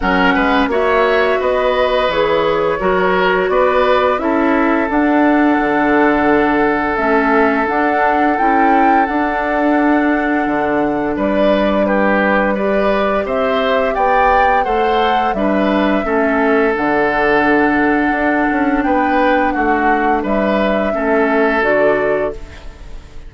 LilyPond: <<
  \new Staff \with { instrumentName = "flute" } { \time 4/4 \tempo 4 = 86 fis''4 e''4 dis''4 cis''4~ | cis''4 d''4 e''4 fis''4~ | fis''2 e''4 fis''4 | g''4 fis''2. |
d''4 b'4 d''4 e''4 | g''4 fis''4 e''2 | fis''2. g''4 | fis''4 e''2 d''4 | }
  \new Staff \with { instrumentName = "oboe" } { \time 4/4 ais'8 b'8 cis''4 b'2 | ais'4 b'4 a'2~ | a'1~ | a'1 |
b'4 g'4 b'4 c''4 | d''4 c''4 b'4 a'4~ | a'2. b'4 | fis'4 b'4 a'2 | }
  \new Staff \with { instrumentName = "clarinet" } { \time 4/4 cis'4 fis'2 gis'4 | fis'2 e'4 d'4~ | d'2 cis'4 d'4 | e'4 d'2.~ |
d'2 g'2~ | g'4 a'4 d'4 cis'4 | d'1~ | d'2 cis'4 fis'4 | }
  \new Staff \with { instrumentName = "bassoon" } { \time 4/4 fis8 gis8 ais4 b4 e4 | fis4 b4 cis'4 d'4 | d2 a4 d'4 | cis'4 d'2 d4 |
g2. c'4 | b4 a4 g4 a4 | d2 d'8 cis'8 b4 | a4 g4 a4 d4 | }
>>